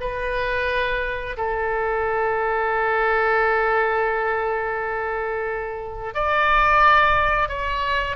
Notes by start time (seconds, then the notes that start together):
0.00 B4
1.37 A4
6.14 D5
7.48 C#5